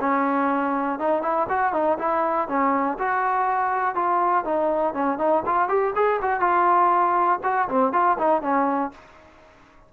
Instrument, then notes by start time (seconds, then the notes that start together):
trombone
0.00 C#4
0.99 D#4
1.22 E4
1.49 F#4
1.73 D#4
1.98 E4
2.48 C#4
2.99 F#4
3.95 F4
4.44 D#4
4.94 C#4
5.18 D#4
5.46 F4
5.68 G4
5.95 G#4
6.22 F#4
6.40 F4
7.43 F#4
7.68 C4
7.93 F4
8.18 D#4
8.42 C#4